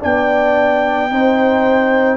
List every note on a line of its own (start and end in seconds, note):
0.00 1.10 B3
0.00 1.09 D4
0.00 1.10 D5
0.00 2.17 G5
1.09 2.17 C4
1.09 2.17 D#4
1.09 2.17 C5